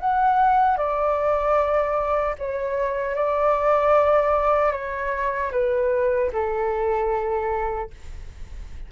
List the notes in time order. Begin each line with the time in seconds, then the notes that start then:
0.00 F#5
0.77 D5
2.38 C#5
3.15 D5
4.72 C#5
5.52 B4
6.33 A4